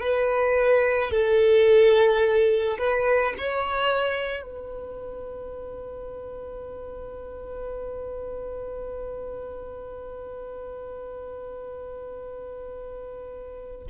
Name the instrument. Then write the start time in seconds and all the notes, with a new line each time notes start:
violin
0.00 B4
1.11 A4
2.78 B4
3.37 C#5
4.42 B4